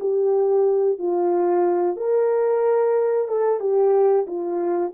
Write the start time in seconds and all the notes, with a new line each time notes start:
0.00 G4
0.98 F4
1.96 A#4
3.28 A4
3.60 G4
4.26 F4